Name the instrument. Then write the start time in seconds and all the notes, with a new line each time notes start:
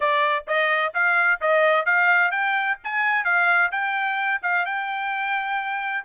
trumpet
0.00 D5
0.47 D#5
0.93 F5
1.40 D#5
1.85 F5
2.31 G5
2.84 G#5
3.24 F5
3.71 G5
4.42 F5
4.65 G5